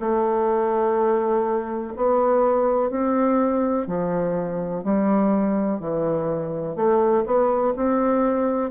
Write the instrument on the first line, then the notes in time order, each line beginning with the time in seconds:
bassoon
0.00 A3
1.96 B3
2.90 C4
3.87 F3
4.83 G3
5.80 E3
6.76 A3
7.25 B3
7.76 C4